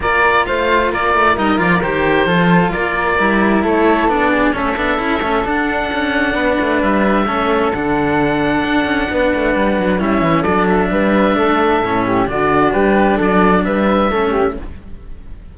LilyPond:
<<
  \new Staff \with { instrumentName = "oboe" } { \time 4/4 \tempo 4 = 132 d''4 f''4 d''4 dis''8 d''8 | c''2 d''2 | cis''4 d''4 e''2 | fis''2. e''4~ |
e''4 fis''2.~ | fis''2 e''4 d''8 e''8~ | e''2. d''4 | b'4 d''4 e''2 | }
  \new Staff \with { instrumentName = "flute" } { \time 4/4 ais'4 c''4 ais'2~ | ais'4 a'4 ais'2 | a'4. gis'8 a'2~ | a'2 b'2 |
a'1 | b'2 e'4 a'4 | b'4 a'4. g'8 fis'4 | g'4 a'4 b'4 a'8 g'8 | }
  \new Staff \with { instrumentName = "cello" } { \time 4/4 f'2. dis'8 f'8 | g'4 f'2 e'4~ | e'4 d'4 cis'8 d'8 e'8 cis'8 | d'1 |
cis'4 d'2.~ | d'2 cis'4 d'4~ | d'2 cis'4 d'4~ | d'2. cis'4 | }
  \new Staff \with { instrumentName = "cello" } { \time 4/4 ais4 a4 ais8 a8 g8 f8 | dis4 f4 ais4 g4 | a4 b4 a8 b8 cis'8 a8 | d'4 cis'4 b8 a8 g4 |
a4 d2 d'8 cis'8 | b8 a8 g8 fis8 g8 e8 fis4 | g4 a4 a,4 d4 | g4 fis4 g4 a4 | }
>>